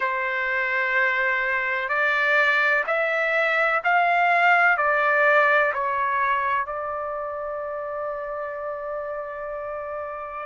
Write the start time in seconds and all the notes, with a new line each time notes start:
0.00 C5
1.88 D5
2.87 E5
3.84 F5
4.77 D5
5.73 C#5
6.66 D5